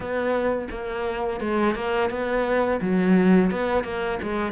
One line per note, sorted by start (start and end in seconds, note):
0.00 0.68 B3
0.70 1.40 A#3
1.40 1.75 G#3
1.75 2.10 A#3
2.10 2.79 B3
2.81 3.50 F#3
3.50 3.83 B3
3.83 4.18 A#3
4.22 4.52 G#3